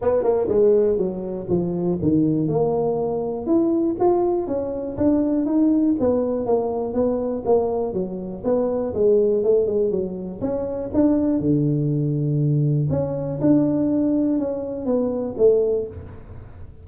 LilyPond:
\new Staff \with { instrumentName = "tuba" } { \time 4/4 \tempo 4 = 121 b8 ais8 gis4 fis4 f4 | dis4 ais2 e'4 | f'4 cis'4 d'4 dis'4 | b4 ais4 b4 ais4 |
fis4 b4 gis4 a8 gis8 | fis4 cis'4 d'4 d4~ | d2 cis'4 d'4~ | d'4 cis'4 b4 a4 | }